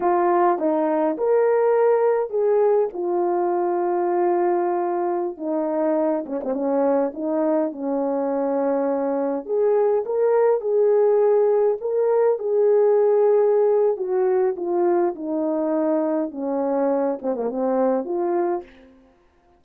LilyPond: \new Staff \with { instrumentName = "horn" } { \time 4/4 \tempo 4 = 103 f'4 dis'4 ais'2 | gis'4 f'2.~ | f'4~ f'16 dis'4. cis'16 c'16 cis'8.~ | cis'16 dis'4 cis'2~ cis'8.~ |
cis'16 gis'4 ais'4 gis'4.~ gis'16~ | gis'16 ais'4 gis'2~ gis'8. | fis'4 f'4 dis'2 | cis'4. c'16 ais16 c'4 f'4 | }